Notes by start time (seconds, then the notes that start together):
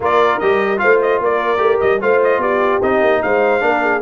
0.00 A#3 F4 A#4 D5
0.39 G3 G4 D#5
0.77 F4 C5 F5
0.83 A3
1.02 D#5
1.20 A#3 A#4 D5
1.57 A3 G4
1.80 G3 D#5
2.00 A3 F4 C5 F5
2.23 D#5
2.38 B3 G4 D5
2.81 C4 D#4 D#5
3.01 A#3
3.22 G#3 C5 F5
3.60 A#3 D4 A#4
3.82 G#4